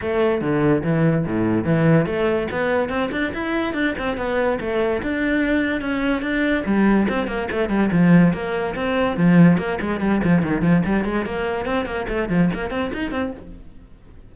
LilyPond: \new Staff \with { instrumentName = "cello" } { \time 4/4 \tempo 4 = 144 a4 d4 e4 a,4 | e4 a4 b4 c'8 d'8 | e'4 d'8 c'8 b4 a4 | d'2 cis'4 d'4 |
g4 c'8 ais8 a8 g8 f4 | ais4 c'4 f4 ais8 gis8 | g8 f8 dis8 f8 g8 gis8 ais4 | c'8 ais8 a8 f8 ais8 c'8 dis'8 c'8 | }